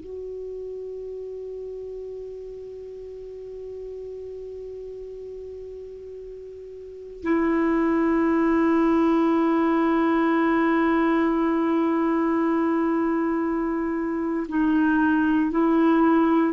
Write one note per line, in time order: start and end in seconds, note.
0.00 7.22 F#4
7.22 14.46 E4
14.48 15.51 D#4
15.51 16.53 E4